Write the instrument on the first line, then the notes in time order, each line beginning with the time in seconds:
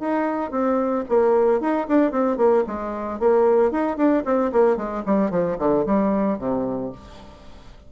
bassoon
0.00 D#4
0.51 C4
1.09 A#3
1.61 D#4
1.88 D4
2.12 C4
2.37 A#3
2.67 G#3
3.20 A#3
3.72 D#4
3.97 D4
4.25 C4
4.52 A#3
4.77 G#3
5.06 G3
5.31 F3
5.59 D3
5.86 G3
6.39 C3